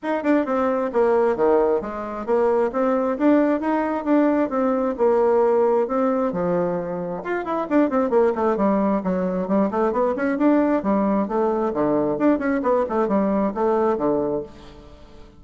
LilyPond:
\new Staff \with { instrumentName = "bassoon" } { \time 4/4 \tempo 4 = 133 dis'8 d'8 c'4 ais4 dis4 | gis4 ais4 c'4 d'4 | dis'4 d'4 c'4 ais4~ | ais4 c'4 f2 |
f'8 e'8 d'8 c'8 ais8 a8 g4 | fis4 g8 a8 b8 cis'8 d'4 | g4 a4 d4 d'8 cis'8 | b8 a8 g4 a4 d4 | }